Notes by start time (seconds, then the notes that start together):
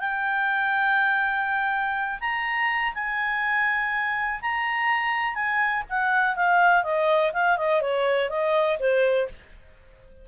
0.00 G5
2.20 A#5
2.94 G#5
4.41 A#5
5.35 G#5
5.90 F#5
6.36 F5
6.84 D#5
7.33 F5
7.58 D#5
7.82 C#5
8.30 D#5
8.80 C5